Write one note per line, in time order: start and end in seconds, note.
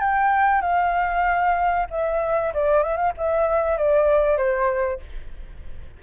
0.00 0.61 G5
0.61 1.86 F5
1.90 2.53 E5
2.53 2.83 D5
2.83 2.96 E5
2.96 3.12 F5
3.17 3.77 E5
3.77 4.37 D5
4.37 4.99 C5